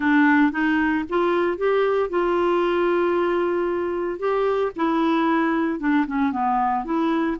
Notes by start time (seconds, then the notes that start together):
0.00 D4
0.51 D#4
1.09 F4
1.57 G4
2.09 F4
4.19 G4
4.76 E4
5.79 D4
6.06 C#4
6.32 B3
6.84 E4